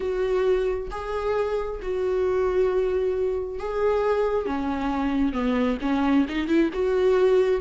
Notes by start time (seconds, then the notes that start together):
0.00 F#4
0.90 G#4
1.82 F#4
3.59 G#4
4.45 C#4
5.32 B3
5.81 C#4
6.28 D#4
6.47 E4
6.73 F#4